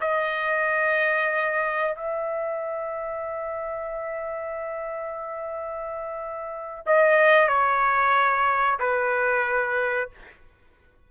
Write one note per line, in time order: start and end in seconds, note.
0.00 1.95 D#5
1.95 6.84 E5
6.86 7.48 D#5
7.48 8.78 C#5
8.79 10.09 B4